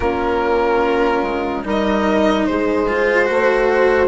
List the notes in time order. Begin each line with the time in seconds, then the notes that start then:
0.00 A#3 C#4 F4 A#4
1.22 G#3
1.63 G3 D#4 A#4
1.69 D#5
2.45 G#3 G#4 C5
2.88 F4
3.24 A3 F#4
3.33 C5